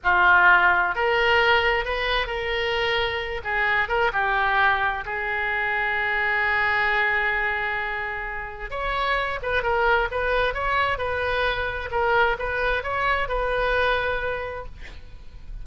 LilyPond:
\new Staff \with { instrumentName = "oboe" } { \time 4/4 \tempo 4 = 131 f'2 ais'2 | b'4 ais'2~ ais'8 gis'8~ | gis'8 ais'8 g'2 gis'4~ | gis'1~ |
gis'2. cis''4~ | cis''8 b'8 ais'4 b'4 cis''4 | b'2 ais'4 b'4 | cis''4 b'2. | }